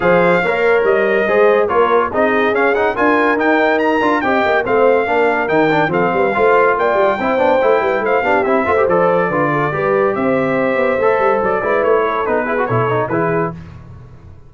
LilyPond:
<<
  \new Staff \with { instrumentName = "trumpet" } { \time 4/4 \tempo 4 = 142 f''2 dis''2 | cis''4 dis''4 f''8 fis''8 gis''4 | g''4 ais''4 g''4 f''4~ | f''4 g''4 f''2 |
g''2. f''4 | e''4 d''2. | e''2. d''4 | cis''4 b'4 cis''4 b'4 | }
  \new Staff \with { instrumentName = "horn" } { \time 4/4 c''4 cis''2 c''4 | ais'4 gis'2 ais'4~ | ais'2 dis''4 c''4 | ais'2 a'8 b'8 c''4 |
d''4 c''4. b'8 c''8 g'8~ | g'8 c''4. b'8 a'8 b'4 | c''2.~ c''8 b'8~ | b'8 a'4 gis'8 a'4 gis'4 | }
  \new Staff \with { instrumentName = "trombone" } { \time 4/4 gis'4 ais'2 gis'4 | f'4 dis'4 cis'8 dis'8 f'4 | dis'4. f'8 g'4 c'4 | d'4 dis'8 d'8 c'4 f'4~ |
f'4 e'8 d'8 e'4. d'8 | e'8 f'16 g'16 a'4 f'4 g'4~ | g'2 a'4. e'8~ | e'4 dis'8 e'16 fis'16 e'8 dis'8 e'4 | }
  \new Staff \with { instrumentName = "tuba" } { \time 4/4 f4 ais4 g4 gis4 | ais4 c'4 cis'4 d'4 | dis'4. d'8 c'8 ais8 a4 | ais4 dis4 f8 g8 a4 |
ais8 g8 c'8 b8 a8 g8 a8 b8 | c'8 a8 f4 d4 g4 | c'4. b8 a8 g8 fis8 gis8 | a4 b4 b,4 e4 | }
>>